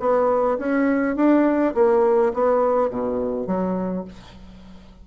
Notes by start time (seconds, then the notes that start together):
0.00 B3
0.59 C#4
1.17 D4
1.75 A#3
2.34 B3
2.90 B2
3.47 F#3